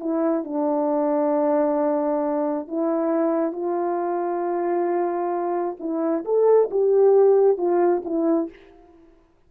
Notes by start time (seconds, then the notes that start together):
0.00 E4
0.44 D4
2.67 E4
3.53 F4
5.80 E4
6.25 A4
6.71 G4
7.58 F4
8.05 E4